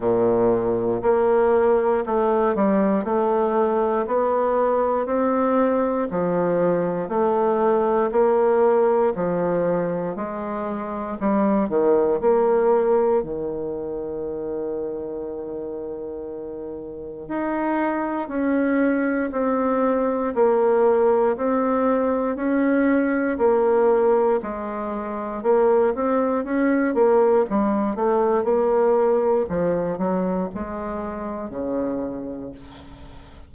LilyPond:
\new Staff \with { instrumentName = "bassoon" } { \time 4/4 \tempo 4 = 59 ais,4 ais4 a8 g8 a4 | b4 c'4 f4 a4 | ais4 f4 gis4 g8 dis8 | ais4 dis2.~ |
dis4 dis'4 cis'4 c'4 | ais4 c'4 cis'4 ais4 | gis4 ais8 c'8 cis'8 ais8 g8 a8 | ais4 f8 fis8 gis4 cis4 | }